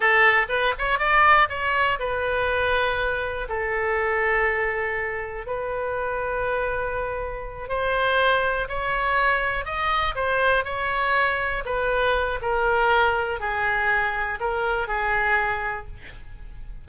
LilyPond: \new Staff \with { instrumentName = "oboe" } { \time 4/4 \tempo 4 = 121 a'4 b'8 cis''8 d''4 cis''4 | b'2. a'4~ | a'2. b'4~ | b'2.~ b'8 c''8~ |
c''4. cis''2 dis''8~ | dis''8 c''4 cis''2 b'8~ | b'4 ais'2 gis'4~ | gis'4 ais'4 gis'2 | }